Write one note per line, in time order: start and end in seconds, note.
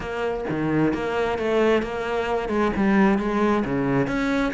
0.00 0.44 A#3
0.49 0.93 D#3
0.93 1.38 A#3
1.38 1.82 A3
1.82 2.49 A#3
2.49 2.71 G#3
2.76 3.18 G3
3.18 3.64 G#3
3.64 4.07 C#3
4.07 4.52 C#4